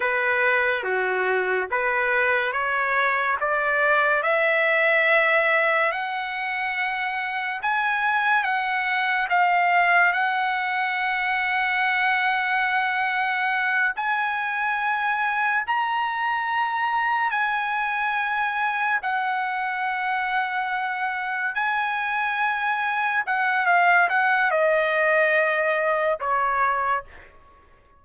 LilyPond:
\new Staff \with { instrumentName = "trumpet" } { \time 4/4 \tempo 4 = 71 b'4 fis'4 b'4 cis''4 | d''4 e''2 fis''4~ | fis''4 gis''4 fis''4 f''4 | fis''1~ |
fis''8 gis''2 ais''4.~ | ais''8 gis''2 fis''4.~ | fis''4. gis''2 fis''8 | f''8 fis''8 dis''2 cis''4 | }